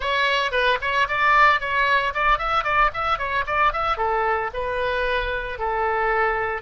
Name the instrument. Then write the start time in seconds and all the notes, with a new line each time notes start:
oboe
0.00 C#5
0.51 B4
0.81 C#5
1.07 D5
1.60 C#5
2.14 D5
2.38 E5
2.64 D5
2.93 E5
3.18 C#5
3.46 D5
3.72 E5
3.97 A4
4.53 B4
5.58 A4